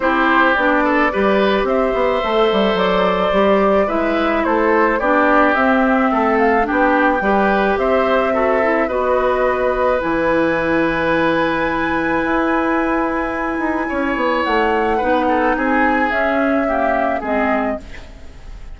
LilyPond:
<<
  \new Staff \with { instrumentName = "flute" } { \time 4/4 \tempo 4 = 108 c''4 d''2 e''4~ | e''4 d''2 e''4 | c''4 d''4 e''4. f''8 | g''2 e''2 |
dis''2 gis''2~ | gis''1~ | gis''2 fis''2 | gis''4 e''2 dis''4 | }
  \new Staff \with { instrumentName = "oboe" } { \time 4/4 g'4. a'8 b'4 c''4~ | c''2. b'4 | a'4 g'2 a'4 | g'4 b'4 c''4 a'4 |
b'1~ | b'1~ | b'4 cis''2 b'8 a'8 | gis'2 g'4 gis'4 | }
  \new Staff \with { instrumentName = "clarinet" } { \time 4/4 e'4 d'4 g'2 | a'2 g'4 e'4~ | e'4 d'4 c'2 | d'4 g'2 fis'8 e'8 |
fis'2 e'2~ | e'1~ | e'2. dis'4~ | dis'4 cis'4 ais4 c'4 | }
  \new Staff \with { instrumentName = "bassoon" } { \time 4/4 c'4 b4 g4 c'8 b8 | a8 g8 fis4 g4 gis4 | a4 b4 c'4 a4 | b4 g4 c'2 |
b2 e2~ | e2 e'2~ | e'8 dis'8 cis'8 b8 a4 b4 | c'4 cis'2 gis4 | }
>>